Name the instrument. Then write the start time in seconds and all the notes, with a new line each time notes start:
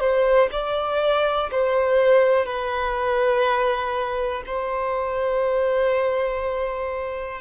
violin
0.00 C5
0.52 D5
1.52 C5
2.46 B4
4.46 C5